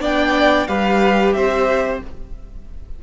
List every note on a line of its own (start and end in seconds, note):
0.00 0.67 B3
0.00 0.67 D4
0.00 0.67 D5
0.00 0.67 G5
0.67 1.34 G3
0.67 2.01 G4
0.67 1.34 B4
0.67 1.33 F5
1.33 2.01 C4
1.33 2.03 C5
1.33 1.99 E5